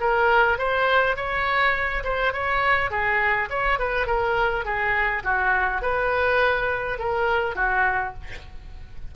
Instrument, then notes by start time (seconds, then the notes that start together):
oboe
0.00 A#4
0.58 C5
1.16 C#5
2.04 C5
2.33 C#5
2.90 G#4
3.50 C#5
3.79 B4
4.06 A#4
4.65 G#4
5.23 F#4
5.82 B4
6.98 A#4
7.55 F#4